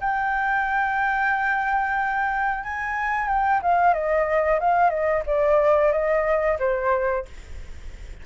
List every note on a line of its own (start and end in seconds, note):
0.00 2.63 G5
2.63 3.28 G#5
3.28 3.61 G5
3.62 3.94 F5
3.94 4.59 D#5
4.60 4.90 F5
4.90 5.23 D#5
5.26 5.92 D5
5.92 6.58 D#5
6.59 7.25 C5